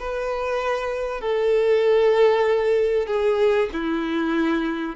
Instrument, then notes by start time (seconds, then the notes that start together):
violin
0.00 B4
1.21 A4
3.07 G#4
3.73 E4